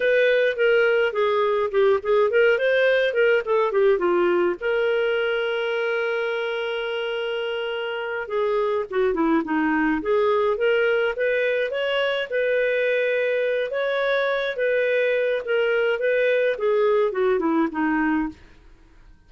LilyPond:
\new Staff \with { instrumentName = "clarinet" } { \time 4/4 \tempo 4 = 105 b'4 ais'4 gis'4 g'8 gis'8 | ais'8 c''4 ais'8 a'8 g'8 f'4 | ais'1~ | ais'2~ ais'8 gis'4 fis'8 |
e'8 dis'4 gis'4 ais'4 b'8~ | b'8 cis''4 b'2~ b'8 | cis''4. b'4. ais'4 | b'4 gis'4 fis'8 e'8 dis'4 | }